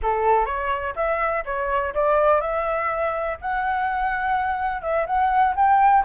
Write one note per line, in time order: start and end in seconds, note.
0.02 0.45 A4
0.45 0.94 C#5
0.95 1.44 E5
1.45 1.93 C#5
1.94 2.41 D5
2.41 3.37 E5
3.41 4.81 F#5
4.81 5.06 E5
5.06 5.54 F#5
5.55 6.04 G5